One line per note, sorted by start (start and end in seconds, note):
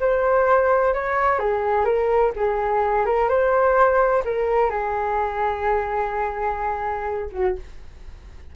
0.00 0.94 C5
0.94 1.39 C#5
1.39 1.85 G#4
1.85 2.32 A#4
2.36 3.05 G#4
3.05 3.28 A#4
3.28 4.23 C5
4.25 4.70 A#4
4.70 7.29 G#4
7.32 7.55 F#4